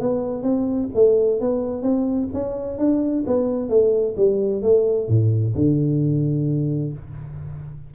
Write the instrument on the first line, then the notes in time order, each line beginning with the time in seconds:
tuba
0.00 B3
0.43 C4
0.95 A3
1.41 B3
1.83 C4
2.34 C#4
2.78 D4
3.27 B3
3.69 A3
4.17 G3
4.63 A3
5.09 A2
5.55 D3